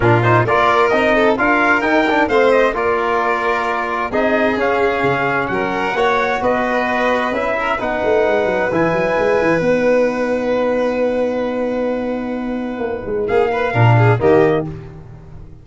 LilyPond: <<
  \new Staff \with { instrumentName = "trumpet" } { \time 4/4 \tempo 4 = 131 ais'8 c''8 d''4 dis''4 f''4 | g''4 f''8 dis''8 d''2~ | d''4 dis''4 f''2 | fis''2 dis''2 |
e''4 fis''2 gis''4~ | gis''4 fis''2.~ | fis''1~ | fis''4 f''2 dis''4 | }
  \new Staff \with { instrumentName = "violin" } { \time 4/4 f'4 ais'4. a'8 ais'4~ | ais'4 c''4 ais'2~ | ais'4 gis'2. | ais'4 cis''4 b'2~ |
b'8 ais'8 b'2.~ | b'1~ | b'1~ | b'4 gis'8 b'8 ais'8 gis'8 g'4 | }
  \new Staff \with { instrumentName = "trombone" } { \time 4/4 d'8 dis'8 f'4 dis'4 f'4 | dis'8 d'8 c'4 f'2~ | f'4 dis'4 cis'2~ | cis'4 fis'2. |
e'4 dis'2 e'4~ | e'4 dis'2.~ | dis'1~ | dis'2 d'4 ais4 | }
  \new Staff \with { instrumentName = "tuba" } { \time 4/4 ais,4 ais4 c'4 d'4 | dis'4 a4 ais2~ | ais4 c'4 cis'4 cis4 | fis4 ais4 b2 |
cis'4 b8 a8 gis8 fis8 e8 fis8 | gis8 e8 b2.~ | b1 | ais8 gis8 ais4 ais,4 dis4 | }
>>